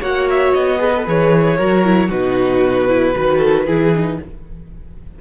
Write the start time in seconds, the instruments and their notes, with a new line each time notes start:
0.00 cello A#3, viola F#4, violin C#5 F#5
0.30 violin E5
0.53 cello B3, violin D#5
0.78 viola G#4, violin B4
0.96 viola A4
1.05 cello E3, viola G#4, violin C#5
1.57 cello F#3, viola F#4, violin A#4
1.84 viola E4
2.08 cello B2, viola D#4, violin F#4 B4
2.87 viola E4
3.15 cello D#3, viola F#4, violin B4
3.37 violin A4
3.66 cello E3, viola E4, violin G#4
3.95 viola D#4